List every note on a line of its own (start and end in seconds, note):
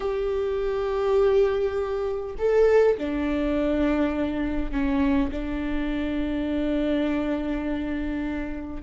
0.00 2.35 G4
2.38 2.97 A4
2.97 4.71 D4
4.71 5.30 C#4
5.31 8.82 D4